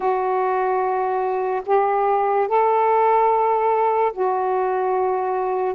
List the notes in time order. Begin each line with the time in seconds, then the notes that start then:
0.00 F#4
1.66 G4
2.48 A4
4.12 F#4